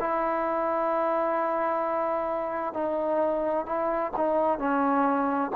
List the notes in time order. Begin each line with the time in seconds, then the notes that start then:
0.00 E4
2.74 D#4
3.66 E4
4.17 D#4
4.59 C#4